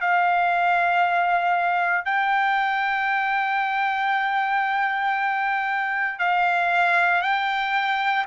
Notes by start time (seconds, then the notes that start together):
0.00 F5
2.05 G5
6.19 F5
7.21 G5